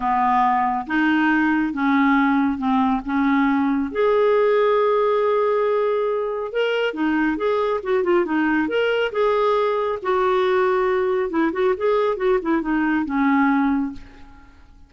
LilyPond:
\new Staff \with { instrumentName = "clarinet" } { \time 4/4 \tempo 4 = 138 b2 dis'2 | cis'2 c'4 cis'4~ | cis'4 gis'2.~ | gis'2. ais'4 |
dis'4 gis'4 fis'8 f'8 dis'4 | ais'4 gis'2 fis'4~ | fis'2 e'8 fis'8 gis'4 | fis'8 e'8 dis'4 cis'2 | }